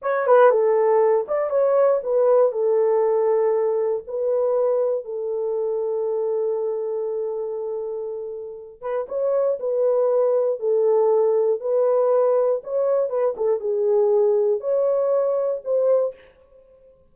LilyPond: \new Staff \with { instrumentName = "horn" } { \time 4/4 \tempo 4 = 119 cis''8 b'8 a'4. d''8 cis''4 | b'4 a'2. | b'2 a'2~ | a'1~ |
a'4. b'8 cis''4 b'4~ | b'4 a'2 b'4~ | b'4 cis''4 b'8 a'8 gis'4~ | gis'4 cis''2 c''4 | }